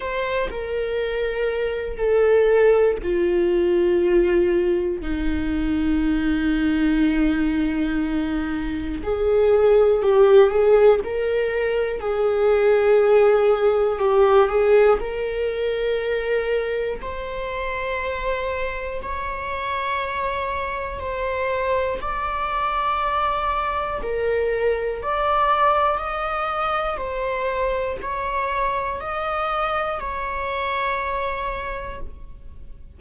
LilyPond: \new Staff \with { instrumentName = "viola" } { \time 4/4 \tempo 4 = 60 c''8 ais'4. a'4 f'4~ | f'4 dis'2.~ | dis'4 gis'4 g'8 gis'8 ais'4 | gis'2 g'8 gis'8 ais'4~ |
ais'4 c''2 cis''4~ | cis''4 c''4 d''2 | ais'4 d''4 dis''4 c''4 | cis''4 dis''4 cis''2 | }